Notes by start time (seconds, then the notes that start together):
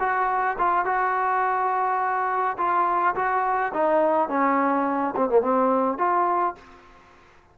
0.00 F#4
0.59 F4
0.86 F#4
2.58 F4
3.16 F#4
3.74 D#4
4.29 C#4
5.17 C4
5.30 A#3
5.42 C4
5.98 F4